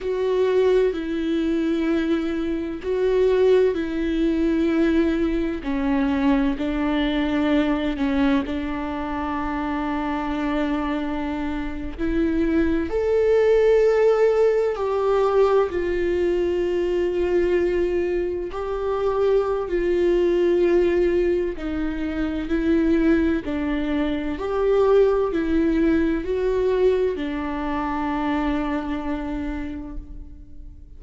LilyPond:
\new Staff \with { instrumentName = "viola" } { \time 4/4 \tempo 4 = 64 fis'4 e'2 fis'4 | e'2 cis'4 d'4~ | d'8 cis'8 d'2.~ | d'8. e'4 a'2 g'16~ |
g'8. f'2. g'16~ | g'4 f'2 dis'4 | e'4 d'4 g'4 e'4 | fis'4 d'2. | }